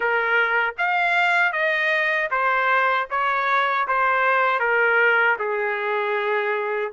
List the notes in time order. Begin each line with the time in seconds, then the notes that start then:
0.00 A#4
0.78 F5
1.52 D#5
2.30 C5
3.10 C#5
3.87 C5
4.59 A#4
5.38 G#4